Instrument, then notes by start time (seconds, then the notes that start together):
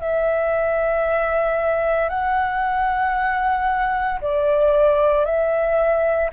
flute
0.00 E5
2.09 F#5
4.21 D5
5.25 E5